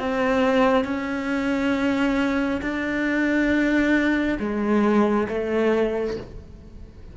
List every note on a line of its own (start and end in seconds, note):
0.00 0.85 C4
0.85 2.61 C#4
2.62 4.38 D4
4.40 5.28 G#3
5.29 6.17 A3